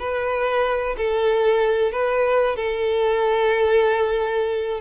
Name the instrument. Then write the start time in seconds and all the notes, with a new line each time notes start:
violin
0.00 B4
0.98 A4
1.92 B4
2.57 A4